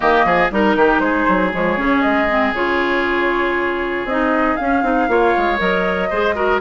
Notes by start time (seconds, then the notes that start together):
0.00 D#3 A#3 G4 D#5
0.24 F3 G#4
0.51 G3 D#4 A#4
0.75 D#3 G4
0.99 G#3 G#4 C5
1.28 F#3
1.52 F3 G#3 C#5
1.77 C#3 C#4
2.01 G#3 D#5
2.28 C4
2.52 C#3 F4 C#5
4.04 C4 D#4 D#5
4.56 C#4 F5
4.82 C4 D#4
5.07 A#3 F4 C#5
5.37 G#3
5.58 F#3 A#4 D#5
6.09 G#3 G#4 C5
6.35 F#4 A#4